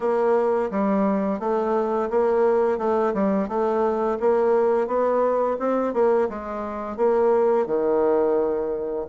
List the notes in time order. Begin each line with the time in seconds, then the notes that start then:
0.00 A#3
0.70 G3
1.39 A3
2.10 A#3
2.78 A3
3.14 G3
3.48 A3
4.20 A#3
4.87 B3
5.59 C4
5.93 A#3
6.29 G#3
6.96 A#3
7.66 D#3